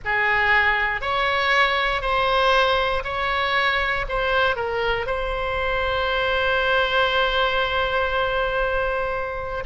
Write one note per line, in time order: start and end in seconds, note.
0.05 1.01 G#4
1.01 2.01 C#5
2.01 3.03 C5
3.04 4.05 C#5
4.08 4.56 C5
4.56 5.06 A#4
5.06 9.64 C5